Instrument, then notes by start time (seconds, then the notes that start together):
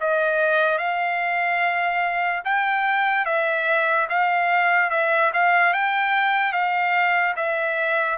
trumpet
0.00 D#5
0.78 F5
2.44 G5
3.25 E5
4.09 F5
4.90 E5
5.33 F5
5.73 G5
6.52 F5
7.36 E5